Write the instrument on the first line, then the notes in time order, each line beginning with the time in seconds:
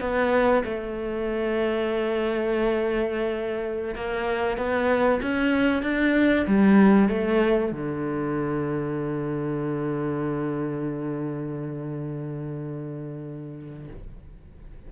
cello
0.00 B3
0.64 A3
3.95 A#3
4.57 B3
5.22 C#4
5.82 D4
6.47 G3
7.09 A3
7.72 D3